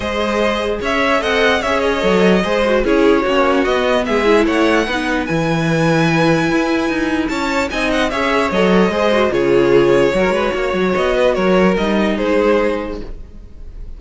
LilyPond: <<
  \new Staff \with { instrumentName = "violin" } { \time 4/4 \tempo 4 = 148 dis''2 e''4 fis''4 | e''8 dis''2~ dis''8 cis''4~ | cis''4 dis''4 e''4 fis''4~ | fis''4 gis''2.~ |
gis''2 a''4 gis''8 fis''8 | e''4 dis''2 cis''4~ | cis''2. dis''4 | cis''4 dis''4 c''2 | }
  \new Staff \with { instrumentName = "violin" } { \time 4/4 c''2 cis''4 dis''4 | cis''2 c''4 gis'4 | fis'2 gis'4 cis''4 | b'1~ |
b'2 cis''4 dis''4 | cis''2 c''4 gis'4~ | gis'4 ais'8 b'8 cis''4. b'8 | ais'2 gis'2 | }
  \new Staff \with { instrumentName = "viola" } { \time 4/4 gis'2. a'4 | gis'4 a'4 gis'8 fis'8 e'4 | cis'4 b4. e'4. | dis'4 e'2.~ |
e'2. dis'4 | gis'4 a'4 gis'8 fis'8 f'4~ | f'4 fis'2.~ | fis'4 dis'2. | }
  \new Staff \with { instrumentName = "cello" } { \time 4/4 gis2 cis'4 c'4 | cis'4 fis4 gis4 cis'4 | ais4 b4 gis4 a4 | b4 e2. |
e'4 dis'4 cis'4 c'4 | cis'4 fis4 gis4 cis4~ | cis4 fis8 gis8 ais8 fis8 b4 | fis4 g4 gis2 | }
>>